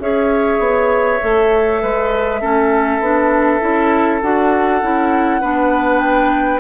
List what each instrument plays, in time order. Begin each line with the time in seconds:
0.00 bassoon C#4, clarinet G#4, oboe C#5, flute E5
0.59 bassoon B3
1.21 bassoon A3, clarinet A4
1.82 bassoon G#3, oboe B4
2.41 bassoon A3, clarinet C#4, oboe A4
3.00 bassoon B3, clarinet D4
3.60 bassoon C#4, clarinet E4
4.21 bassoon D4, clarinet F#4, flute F#5
4.82 bassoon C#4, clarinet E4
5.41 bassoon B3, clarinet D4, oboe B4
6.00 flute G5